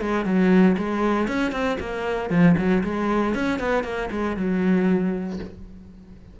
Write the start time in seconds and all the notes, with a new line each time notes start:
0.00 G#3
0.24 F#3
0.77 G#3
1.28 C#4
1.51 C4
1.79 A#3
2.29 F3
2.57 F#3
2.83 G#3
3.34 C#4
3.59 B3
3.83 A#3
4.11 G#3
4.36 F#3